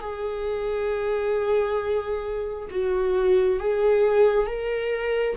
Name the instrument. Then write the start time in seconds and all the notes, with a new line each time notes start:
viola
0.00 G#4
2.70 F#4
3.60 G#4
4.47 A#4